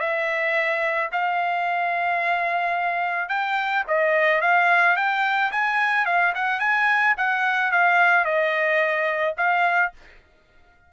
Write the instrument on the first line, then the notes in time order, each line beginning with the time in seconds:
trumpet
0.00 E5
1.12 F5
3.29 G5
3.88 D#5
4.41 F5
4.97 G5
5.52 G#5
6.06 F5
6.35 F#5
6.60 G#5
7.17 F#5
7.72 F5
8.25 D#5
9.38 F5